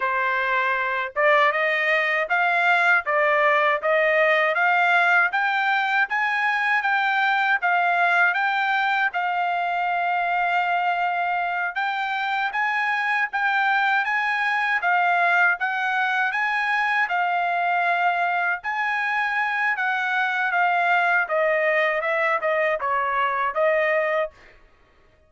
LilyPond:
\new Staff \with { instrumentName = "trumpet" } { \time 4/4 \tempo 4 = 79 c''4. d''8 dis''4 f''4 | d''4 dis''4 f''4 g''4 | gis''4 g''4 f''4 g''4 | f''2.~ f''8 g''8~ |
g''8 gis''4 g''4 gis''4 f''8~ | f''8 fis''4 gis''4 f''4.~ | f''8 gis''4. fis''4 f''4 | dis''4 e''8 dis''8 cis''4 dis''4 | }